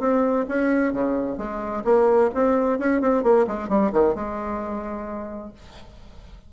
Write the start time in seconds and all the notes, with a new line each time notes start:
0.00 C4
0.49 C#4
0.93 C#3
1.38 G#3
1.85 A#3
2.35 C4
2.79 C#4
3.01 C4
3.24 A#3
3.47 G#3
3.69 G3
3.93 D#3
4.15 G#3